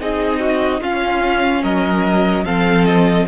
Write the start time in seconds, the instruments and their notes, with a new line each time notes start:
0.00 cello C4, viola D#4, violin G#4 D#5
0.40 violin F#4
0.81 viola C#4, cello C#4, violin F4 F5
1.62 cello F#3, violin A#4 D#5
2.45 cello F3, viola C4, violin A4 F5
2.85 violin D#5